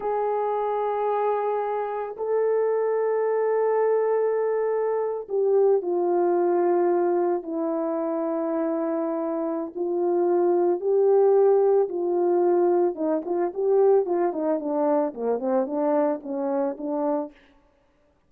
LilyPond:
\new Staff \with { instrumentName = "horn" } { \time 4/4 \tempo 4 = 111 gis'1 | a'1~ | a'4.~ a'16 g'4 f'4~ f'16~ | f'4.~ f'16 e'2~ e'16~ |
e'2 f'2 | g'2 f'2 | dis'8 f'8 g'4 f'8 dis'8 d'4 | ais8 c'8 d'4 cis'4 d'4 | }